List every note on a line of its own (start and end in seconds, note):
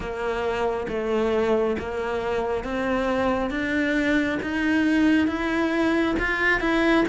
0.00 0.87 A#3
0.88 1.76 A3
1.78 2.64 A#3
2.64 3.50 C4
3.50 4.38 D4
4.42 5.27 D#4
5.27 6.15 E4
6.19 6.60 F4
6.60 7.04 E4